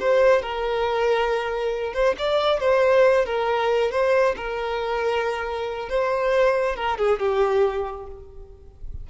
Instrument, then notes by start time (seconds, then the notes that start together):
violin
0.00 C5
0.42 A#4
1.94 C5
2.19 D5
2.60 C5
3.26 A#4
3.92 C5
4.37 A#4
5.89 C5
6.76 A#4
6.98 G#4
7.19 G4